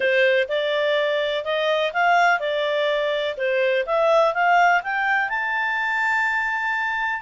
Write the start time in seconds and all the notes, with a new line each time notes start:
0.00 C5
0.48 D5
1.44 D#5
1.93 F5
2.39 D5
3.37 C5
3.86 E5
4.34 F5
4.83 G5
5.29 A5